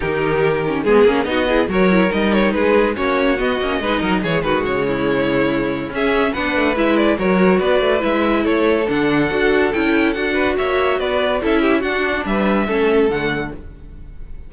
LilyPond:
<<
  \new Staff \with { instrumentName = "violin" } { \time 4/4 \tempo 4 = 142 ais'2 gis'4 dis''4 | cis''4 dis''8 cis''8 b'4 cis''4 | dis''2 cis''8 b'8 cis''4~ | cis''2 e''4 fis''4 |
e''8 d''8 cis''4 d''4 e''4 | cis''4 fis''2 g''4 | fis''4 e''4 d''4 e''4 | fis''4 e''2 fis''4 | }
  \new Staff \with { instrumentName = "violin" } { \time 4/4 g'2 gis'4 fis'8 gis'8 | ais'2 gis'4 fis'4~ | fis'4 b'8 ais'8 gis'8 fis'4 e'8~ | e'2 gis'4 b'4~ |
b'4 ais'4 b'2 | a'1~ | a'8 b'8 cis''4 b'4 a'8 g'8 | fis'4 b'4 a'2 | }
  \new Staff \with { instrumentName = "viola" } { \time 4/4 dis'4. cis'8 b8 cis'8 dis'8 e'8 | fis'8 e'8 dis'2 cis'4 | b8 cis'8 dis'4 gis2~ | gis2 cis'4 d'4 |
e'4 fis'2 e'4~ | e'4 d'4 fis'4 e'4 | fis'2. e'4 | d'2 cis'4 a4 | }
  \new Staff \with { instrumentName = "cello" } { \time 4/4 dis2 gis8 ais8 b4 | fis4 g4 gis4 ais4 | b8 ais8 gis8 fis8 e8 dis8 cis4~ | cis2 cis'4 b8 a8 |
gis4 fis4 b8 a8 gis4 | a4 d4 d'4 cis'4 | d'4 ais4 b4 cis'4 | d'4 g4 a4 d4 | }
>>